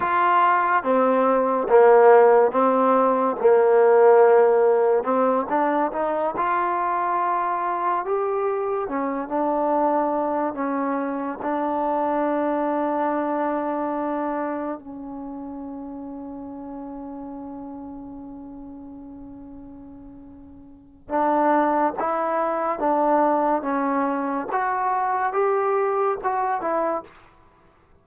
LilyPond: \new Staff \with { instrumentName = "trombone" } { \time 4/4 \tempo 4 = 71 f'4 c'4 ais4 c'4 | ais2 c'8 d'8 dis'8 f'8~ | f'4. g'4 cis'8 d'4~ | d'8 cis'4 d'2~ d'8~ |
d'4. cis'2~ cis'8~ | cis'1~ | cis'4 d'4 e'4 d'4 | cis'4 fis'4 g'4 fis'8 e'8 | }